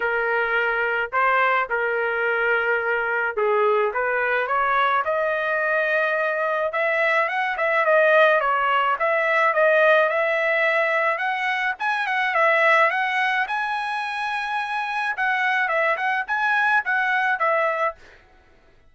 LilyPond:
\new Staff \with { instrumentName = "trumpet" } { \time 4/4 \tempo 4 = 107 ais'2 c''4 ais'4~ | ais'2 gis'4 b'4 | cis''4 dis''2. | e''4 fis''8 e''8 dis''4 cis''4 |
e''4 dis''4 e''2 | fis''4 gis''8 fis''8 e''4 fis''4 | gis''2. fis''4 | e''8 fis''8 gis''4 fis''4 e''4 | }